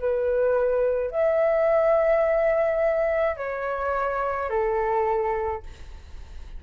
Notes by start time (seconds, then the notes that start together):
0.00 B4
1.11 E5
3.37 C#5
4.50 A4